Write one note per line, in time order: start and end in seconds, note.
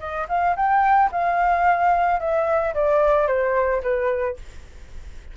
0.00 0.27 D#5
0.29 0.56 F5
0.56 1.10 G5
1.12 2.20 F5
2.20 2.74 E5
2.74 3.28 D5
3.28 3.82 C5
3.83 4.37 B4